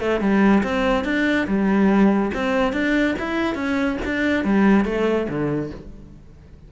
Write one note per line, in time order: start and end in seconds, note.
0.00 0.20 A3
0.20 0.63 G3
0.63 1.04 C4
1.04 1.47 D4
1.47 2.32 G3
2.34 2.73 C4
2.73 3.15 D4
3.19 3.55 E4
3.55 3.97 C#4
4.05 4.44 D4
4.44 4.85 G3
4.85 5.27 A3
5.29 5.71 D3